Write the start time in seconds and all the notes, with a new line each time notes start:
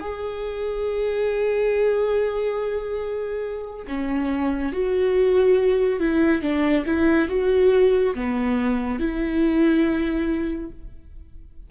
0.00 G#4
3.88 C#4
4.73 F#4
6.00 E4
6.42 D4
6.86 E4
7.29 F#4
8.15 B3
9.00 E4